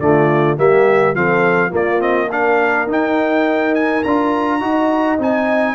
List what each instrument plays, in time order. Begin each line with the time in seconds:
0.00 tuba D3, trombone A3, horn F4, trumpet D5
0.58 tuba G3, trombone A#3, horn G4, trumpet E5
1.14 tuba F3, trombone C4, horn A4, trumpet F5
1.70 trombone A#3, tuba A#3, horn F4, trumpet D5
1.99 trombone C4, trumpet D#5
2.31 trombone D4, horn A#4, trumpet F5
2.87 tuba D#4, trombone D#4, trumpet G5
3.75 trumpet G#5
4.04 tuba D4, trombone F4, trumpet A#5
4.61 tuba D#4, trombone F#4, horn D#5
5.19 tuba C4, trombone D#4, trumpet G#5